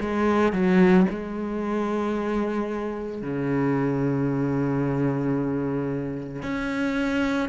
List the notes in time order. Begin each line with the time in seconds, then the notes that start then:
0.00 G#3
0.52 F#3
1.10 G#3
3.22 C#3
6.42 C#4